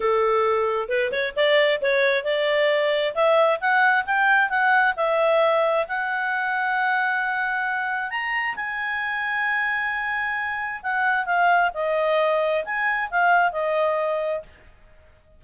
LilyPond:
\new Staff \with { instrumentName = "clarinet" } { \time 4/4 \tempo 4 = 133 a'2 b'8 cis''8 d''4 | cis''4 d''2 e''4 | fis''4 g''4 fis''4 e''4~ | e''4 fis''2.~ |
fis''2 ais''4 gis''4~ | gis''1 | fis''4 f''4 dis''2 | gis''4 f''4 dis''2 | }